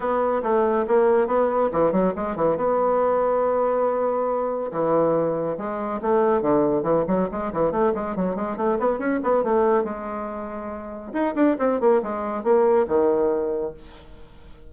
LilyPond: \new Staff \with { instrumentName = "bassoon" } { \time 4/4 \tempo 4 = 140 b4 a4 ais4 b4 | e8 fis8 gis8 e8 b2~ | b2. e4~ | e4 gis4 a4 d4 |
e8 fis8 gis8 e8 a8 gis8 fis8 gis8 | a8 b8 cis'8 b8 a4 gis4~ | gis2 dis'8 d'8 c'8 ais8 | gis4 ais4 dis2 | }